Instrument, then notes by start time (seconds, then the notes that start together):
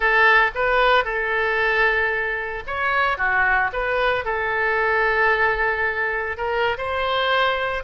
oboe
0.00 A4
0.55 B4
1.04 A4
2.66 C#5
3.17 F#4
3.72 B4
4.25 A4
6.37 A#4
6.77 C5